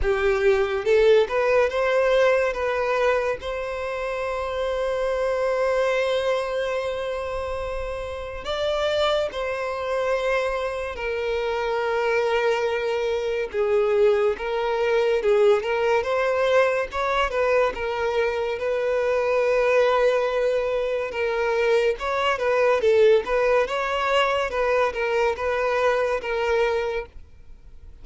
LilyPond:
\new Staff \with { instrumentName = "violin" } { \time 4/4 \tempo 4 = 71 g'4 a'8 b'8 c''4 b'4 | c''1~ | c''2 d''4 c''4~ | c''4 ais'2. |
gis'4 ais'4 gis'8 ais'8 c''4 | cis''8 b'8 ais'4 b'2~ | b'4 ais'4 cis''8 b'8 a'8 b'8 | cis''4 b'8 ais'8 b'4 ais'4 | }